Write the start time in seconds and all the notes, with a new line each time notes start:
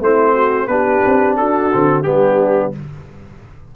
0.00 A3 C4 E4 C5
0.34 F#4
0.67 B3 D4 G4 B4
1.06 C4
1.37 D4 F#4 A4
1.73 D3 C4
2.03 G3 B3 D4 G4